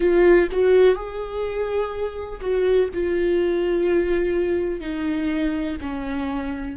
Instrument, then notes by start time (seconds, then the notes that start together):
viola
0.00 F4
0.51 F#4
0.95 G#4
2.41 F#4
2.93 F4
4.80 D#4
5.80 C#4